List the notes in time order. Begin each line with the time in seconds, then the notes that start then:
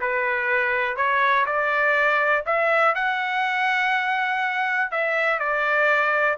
0.00 B4
0.96 C#5
1.46 D5
2.46 E5
2.94 F#5
4.91 E5
5.39 D5